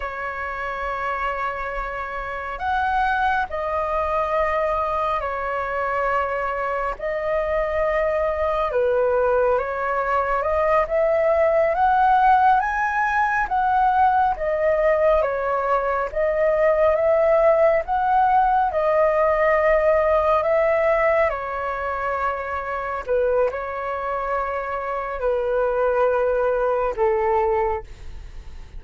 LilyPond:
\new Staff \with { instrumentName = "flute" } { \time 4/4 \tempo 4 = 69 cis''2. fis''4 | dis''2 cis''2 | dis''2 b'4 cis''4 | dis''8 e''4 fis''4 gis''4 fis''8~ |
fis''8 dis''4 cis''4 dis''4 e''8~ | e''8 fis''4 dis''2 e''8~ | e''8 cis''2 b'8 cis''4~ | cis''4 b'2 a'4 | }